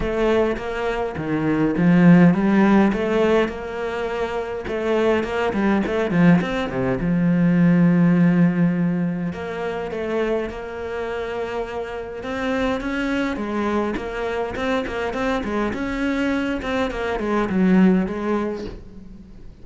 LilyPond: \new Staff \with { instrumentName = "cello" } { \time 4/4 \tempo 4 = 103 a4 ais4 dis4 f4 | g4 a4 ais2 | a4 ais8 g8 a8 f8 c'8 c8 | f1 |
ais4 a4 ais2~ | ais4 c'4 cis'4 gis4 | ais4 c'8 ais8 c'8 gis8 cis'4~ | cis'8 c'8 ais8 gis8 fis4 gis4 | }